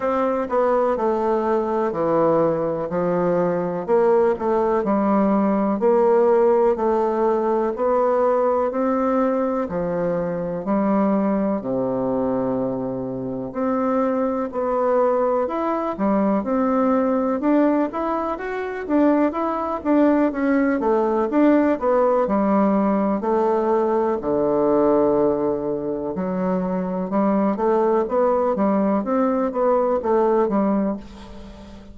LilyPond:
\new Staff \with { instrumentName = "bassoon" } { \time 4/4 \tempo 4 = 62 c'8 b8 a4 e4 f4 | ais8 a8 g4 ais4 a4 | b4 c'4 f4 g4 | c2 c'4 b4 |
e'8 g8 c'4 d'8 e'8 fis'8 d'8 | e'8 d'8 cis'8 a8 d'8 b8 g4 | a4 d2 fis4 | g8 a8 b8 g8 c'8 b8 a8 g8 | }